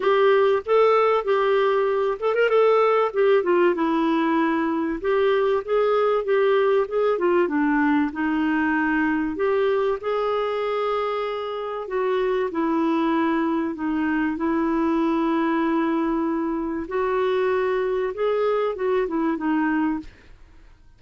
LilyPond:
\new Staff \with { instrumentName = "clarinet" } { \time 4/4 \tempo 4 = 96 g'4 a'4 g'4. a'16 ais'16 | a'4 g'8 f'8 e'2 | g'4 gis'4 g'4 gis'8 f'8 | d'4 dis'2 g'4 |
gis'2. fis'4 | e'2 dis'4 e'4~ | e'2. fis'4~ | fis'4 gis'4 fis'8 e'8 dis'4 | }